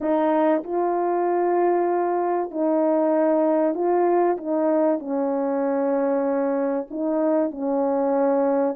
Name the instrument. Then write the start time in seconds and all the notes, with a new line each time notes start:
horn
0.00 D#4
0.63 F4
2.50 D#4
3.74 F4
4.37 D#4
4.99 C#4
6.90 D#4
7.50 C#4